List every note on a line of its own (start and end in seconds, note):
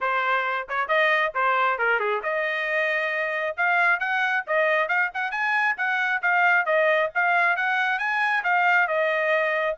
0.00 0.67 C5
0.68 0.87 C#5
0.87 1.32 D#5
1.34 1.78 C5
1.78 1.99 A#4
1.99 2.21 G#4
2.22 3.56 D#5
3.57 3.99 F5
3.99 4.43 F#5
4.46 4.88 D#5
4.88 5.10 F5
5.13 5.31 F#5
5.31 5.75 G#5
5.77 6.21 F#5
6.22 6.65 F5
6.65 7.10 D#5
7.14 7.56 F5
7.56 7.98 F#5
7.98 8.43 G#5
8.43 8.87 F5
8.87 9.76 D#5